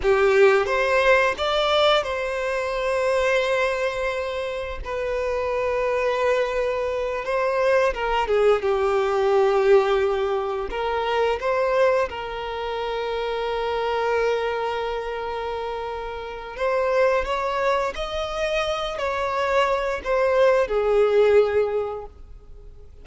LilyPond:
\new Staff \with { instrumentName = "violin" } { \time 4/4 \tempo 4 = 87 g'4 c''4 d''4 c''4~ | c''2. b'4~ | b'2~ b'8 c''4 ais'8 | gis'8 g'2. ais'8~ |
ais'8 c''4 ais'2~ ais'8~ | ais'1 | c''4 cis''4 dis''4. cis''8~ | cis''4 c''4 gis'2 | }